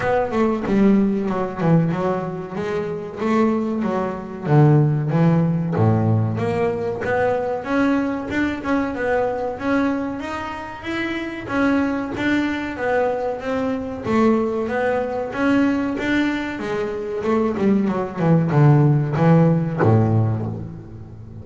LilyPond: \new Staff \with { instrumentName = "double bass" } { \time 4/4 \tempo 4 = 94 b8 a8 g4 fis8 e8 fis4 | gis4 a4 fis4 d4 | e4 a,4 ais4 b4 | cis'4 d'8 cis'8 b4 cis'4 |
dis'4 e'4 cis'4 d'4 | b4 c'4 a4 b4 | cis'4 d'4 gis4 a8 g8 | fis8 e8 d4 e4 a,4 | }